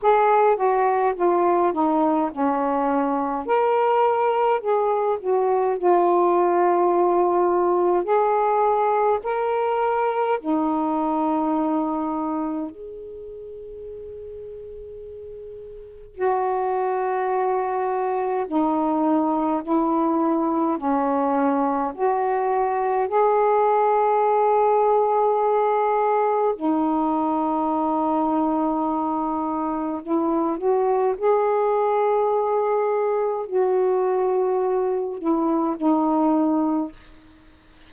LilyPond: \new Staff \with { instrumentName = "saxophone" } { \time 4/4 \tempo 4 = 52 gis'8 fis'8 f'8 dis'8 cis'4 ais'4 | gis'8 fis'8 f'2 gis'4 | ais'4 dis'2 gis'4~ | gis'2 fis'2 |
dis'4 e'4 cis'4 fis'4 | gis'2. dis'4~ | dis'2 e'8 fis'8 gis'4~ | gis'4 fis'4. e'8 dis'4 | }